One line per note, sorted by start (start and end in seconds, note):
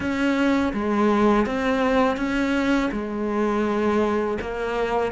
0.00 0.73 C#4
0.73 1.46 G#3
1.46 2.17 C4
2.17 2.90 C#4
2.91 4.37 G#3
4.41 5.12 A#3